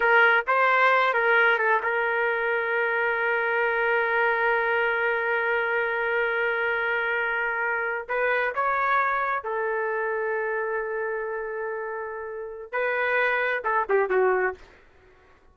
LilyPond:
\new Staff \with { instrumentName = "trumpet" } { \time 4/4 \tempo 4 = 132 ais'4 c''4. ais'4 a'8 | ais'1~ | ais'1~ | ais'1~ |
ais'4.~ ais'16 b'4 cis''4~ cis''16~ | cis''8. a'2.~ a'16~ | a'1 | b'2 a'8 g'8 fis'4 | }